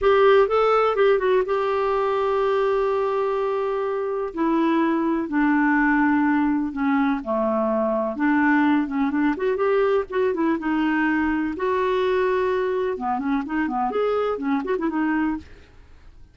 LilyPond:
\new Staff \with { instrumentName = "clarinet" } { \time 4/4 \tempo 4 = 125 g'4 a'4 g'8 fis'8 g'4~ | g'1~ | g'4 e'2 d'4~ | d'2 cis'4 a4~ |
a4 d'4. cis'8 d'8 fis'8 | g'4 fis'8 e'8 dis'2 | fis'2. b8 cis'8 | dis'8 b8 gis'4 cis'8 fis'16 e'16 dis'4 | }